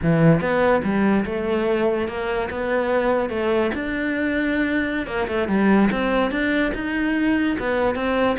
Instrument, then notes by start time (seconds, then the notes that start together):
cello
0.02 E3
0.40 B3
0.83 G3
1.25 A3
2.07 A#3
2.50 B3
3.29 A3
3.74 D4
5.06 A#3
5.27 A3
5.48 G3
5.91 C4
6.31 D4
6.74 D#4
7.59 B3
7.95 C4